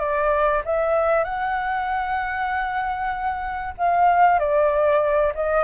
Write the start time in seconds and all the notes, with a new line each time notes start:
0.00 D5
0.66 E5
1.24 F#5
3.78 F5
4.39 D5
5.35 D#5